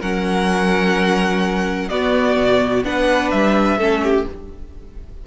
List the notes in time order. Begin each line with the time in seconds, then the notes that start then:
0.00 F#3 C#4 A#4 F#5
1.89 B3 F#4 D5
2.37 B2
2.84 B3 D4 B4 F#5
3.31 G3 E5
3.77 A3 C#4 A4
4.03 G4